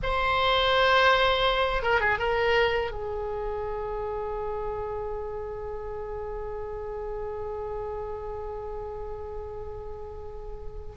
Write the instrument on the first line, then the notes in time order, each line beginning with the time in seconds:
oboe
0.03 C5
1.82 A#4
2.00 G#4
2.18 A#4
2.91 G#4